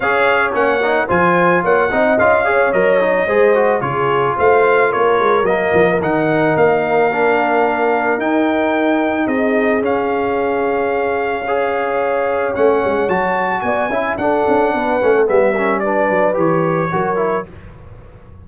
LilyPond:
<<
  \new Staff \with { instrumentName = "trumpet" } { \time 4/4 \tempo 4 = 110 f''4 fis''4 gis''4 fis''4 | f''4 dis''2 cis''4 | f''4 cis''4 dis''4 fis''4 | f''2. g''4~ |
g''4 dis''4 f''2~ | f''2. fis''4 | a''4 gis''4 fis''2 | e''4 d''4 cis''2 | }
  \new Staff \with { instrumentName = "horn" } { \time 4/4 cis''2 c''4 cis''8 dis''8~ | dis''8 cis''4. c''4 gis'4 | c''4 ais'2.~ | ais'1~ |
ais'4 gis'2.~ | gis'4 cis''2.~ | cis''4 d''8 e''8 a'4 b'8. a'16 | gis'16 b'16 ais'8 b'2 ais'4 | }
  \new Staff \with { instrumentName = "trombone" } { \time 4/4 gis'4 cis'8 dis'8 f'4. dis'8 | f'8 gis'8 ais'8 dis'8 gis'8 fis'8 f'4~ | f'2 ais4 dis'4~ | dis'4 d'2 dis'4~ |
dis'2 cis'2~ | cis'4 gis'2 cis'4 | fis'4. e'8 d'4. cis'8 | b8 cis'8 d'4 g'4 fis'8 e'8 | }
  \new Staff \with { instrumentName = "tuba" } { \time 4/4 cis'4 ais4 f4 ais8 c'8 | cis'4 fis4 gis4 cis4 | a4 ais8 gis8 fis8 f8 dis4 | ais2. dis'4~ |
dis'4 c'4 cis'2~ | cis'2. a8 gis8 | fis4 b8 cis'8 d'8 cis'8 b8 a8 | g4. fis8 e4 fis4 | }
>>